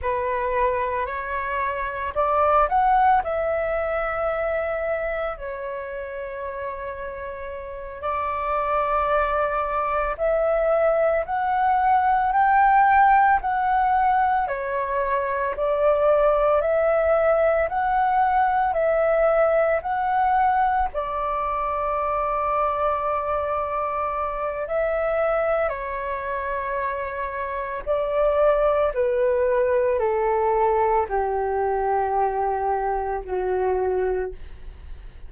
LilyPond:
\new Staff \with { instrumentName = "flute" } { \time 4/4 \tempo 4 = 56 b'4 cis''4 d''8 fis''8 e''4~ | e''4 cis''2~ cis''8 d''8~ | d''4. e''4 fis''4 g''8~ | g''8 fis''4 cis''4 d''4 e''8~ |
e''8 fis''4 e''4 fis''4 d''8~ | d''2. e''4 | cis''2 d''4 b'4 | a'4 g'2 fis'4 | }